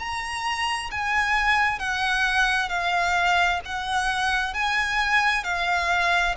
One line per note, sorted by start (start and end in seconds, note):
0.00 0.91 A#5
0.92 1.79 G#5
1.79 2.70 F#5
2.70 3.61 F5
3.66 4.55 F#5
4.55 5.45 G#5
5.45 6.36 F5